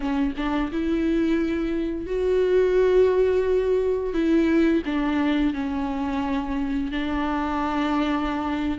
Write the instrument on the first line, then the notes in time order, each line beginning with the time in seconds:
viola
0.00 C#4
0.36 D4
0.72 E4
2.06 F#4
4.13 E4
4.85 D4
5.53 C#4
6.91 D4